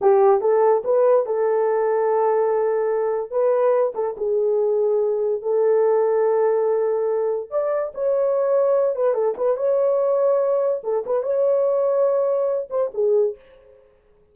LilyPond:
\new Staff \with { instrumentName = "horn" } { \time 4/4 \tempo 4 = 144 g'4 a'4 b'4 a'4~ | a'1 | b'4. a'8 gis'2~ | gis'4 a'2.~ |
a'2 d''4 cis''4~ | cis''4. b'8 a'8 b'8 cis''4~ | cis''2 a'8 b'8 cis''4~ | cis''2~ cis''8 c''8 gis'4 | }